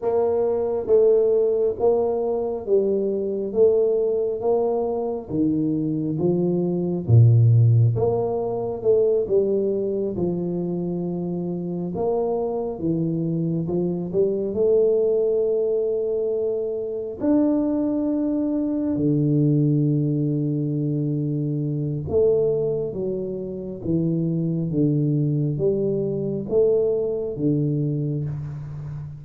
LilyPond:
\new Staff \with { instrumentName = "tuba" } { \time 4/4 \tempo 4 = 68 ais4 a4 ais4 g4 | a4 ais4 dis4 f4 | ais,4 ais4 a8 g4 f8~ | f4. ais4 e4 f8 |
g8 a2. d'8~ | d'4. d2~ d8~ | d4 a4 fis4 e4 | d4 g4 a4 d4 | }